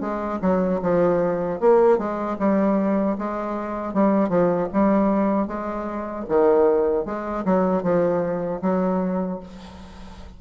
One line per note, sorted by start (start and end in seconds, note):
0.00 0.39 G#3
0.41 0.80 F#3
0.82 1.60 F3
1.60 1.98 A#3
1.98 2.37 G#3
2.39 3.17 G3
3.18 3.93 G#3
3.93 4.29 G3
4.29 4.68 F3
4.73 5.47 G3
5.47 6.25 G#3
6.28 7.05 D#3
7.05 7.44 G#3
7.45 7.83 F#3
7.83 8.61 F3
8.61 9.39 F#3